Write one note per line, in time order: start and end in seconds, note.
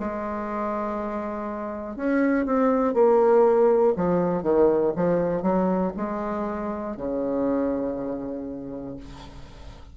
0.00 1.96 G#3
1.96 2.46 C#4
2.46 2.94 C4
2.94 3.94 A#3
3.96 4.43 F3
4.43 4.93 D#3
4.95 5.42 F3
5.42 5.92 F#3
5.97 6.97 G#3
6.97 8.97 C#3